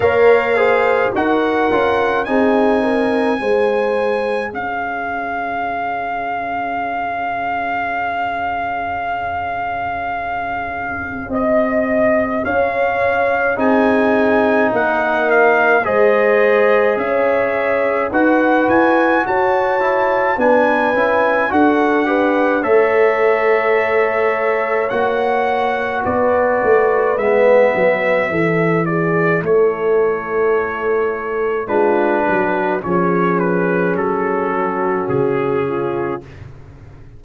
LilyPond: <<
  \new Staff \with { instrumentName = "trumpet" } { \time 4/4 \tempo 4 = 53 f''4 fis''4 gis''2 | f''1~ | f''2 dis''4 f''4 | gis''4 fis''8 f''8 dis''4 e''4 |
fis''8 gis''8 a''4 gis''4 fis''4 | e''2 fis''4 d''4 | e''4. d''8 cis''2 | b'4 cis''8 b'8 a'4 gis'4 | }
  \new Staff \with { instrumentName = "horn" } { \time 4/4 cis''8 c''8 ais'4 gis'8 ais'8 c''4 | cis''1~ | cis''2 dis''4 cis''4 | gis'4 ais'4 c''4 cis''4 |
b'4 cis''4 b'4 a'8 b'8 | cis''2. b'4~ | b'4 a'8 gis'8 a'2 | f'8 fis'8 gis'4. fis'4 f'8 | }
  \new Staff \with { instrumentName = "trombone" } { \time 4/4 ais'8 gis'8 fis'8 f'8 dis'4 gis'4~ | gis'1~ | gis'1 | dis'2 gis'2 |
fis'4. e'8 d'8 e'8 fis'8 g'8 | a'2 fis'2 | b4 e'2. | d'4 cis'2. | }
  \new Staff \with { instrumentName = "tuba" } { \time 4/4 ais4 dis'8 cis'8 c'4 gis4 | cis'1~ | cis'2 c'4 cis'4 | c'4 ais4 gis4 cis'4 |
dis'8 e'8 fis'4 b8 cis'8 d'4 | a2 ais4 b8 a8 | gis8 fis8 e4 a2 | gis8 fis8 f4 fis4 cis4 | }
>>